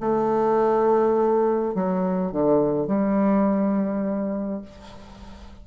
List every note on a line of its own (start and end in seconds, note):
0.00 1.74 A3
1.74 2.32 F#3
2.32 2.87 D3
2.87 4.62 G3